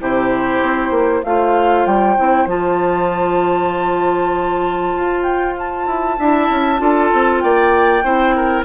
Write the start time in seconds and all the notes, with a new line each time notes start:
0.00 C3 E4 G4 C5
0.62 C4
0.91 A#3
1.24 A3 F4 C5 F5
1.86 G3 G5
2.17 C4 E4
2.47 F3 F4 A5
4.96 F4
5.23 G5
5.59 A5
5.87 E4
6.19 D4 E4 E5
6.50 C#4
6.78 D4 F4 A4
7.14 C4
7.40 A#3 D5 G5
8.04 C4 E4 C5
8.36 A#4